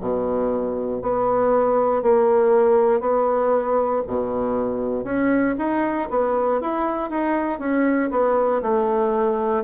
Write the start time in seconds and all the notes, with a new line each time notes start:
0.00 B2
1.02 B3
2.02 A#3
3.00 B3
4.07 B2
5.04 C#4
5.57 D#4
6.10 B3
6.60 E4
7.10 D#4
7.59 C#4
8.10 B3
8.62 A3